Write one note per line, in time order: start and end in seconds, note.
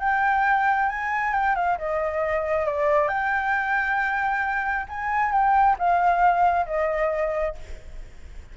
0.00 0.89 G5
0.89 1.33 G#5
1.33 1.55 G5
1.55 1.78 F5
1.78 2.65 D#5
2.65 3.08 D5
3.08 4.86 G5
4.89 5.32 G#5
5.32 5.76 G5
5.78 6.66 F5
6.66 7.55 D#5